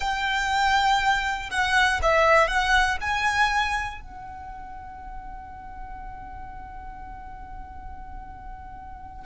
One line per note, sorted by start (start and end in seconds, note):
0.00 1.50 G5
1.50 2.00 F#5
2.02 2.48 E5
2.48 2.97 F#5
3.00 4.00 G#5
4.00 9.25 F#5